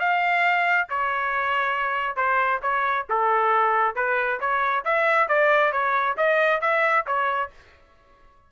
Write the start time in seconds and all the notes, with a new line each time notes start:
0.00 F5
0.90 C#5
2.17 C5
2.62 C#5
3.10 A4
3.96 B4
4.41 C#5
4.85 E5
5.29 D5
5.73 C#5
6.17 D#5
6.62 E5
7.07 C#5